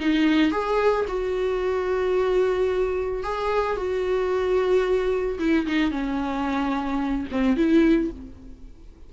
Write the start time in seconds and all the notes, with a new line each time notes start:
0.00 D#4
0.52 G#4
1.08 F#4
3.24 G#4
3.77 F#4
5.39 E4
5.67 D#4
5.91 C#4
7.31 C4
7.57 E4